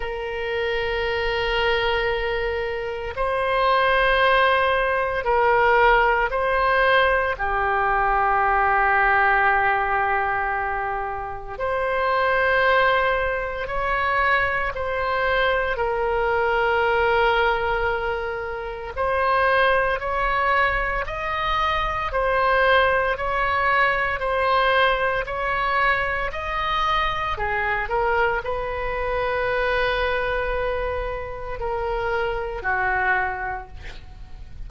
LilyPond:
\new Staff \with { instrumentName = "oboe" } { \time 4/4 \tempo 4 = 57 ais'2. c''4~ | c''4 ais'4 c''4 g'4~ | g'2. c''4~ | c''4 cis''4 c''4 ais'4~ |
ais'2 c''4 cis''4 | dis''4 c''4 cis''4 c''4 | cis''4 dis''4 gis'8 ais'8 b'4~ | b'2 ais'4 fis'4 | }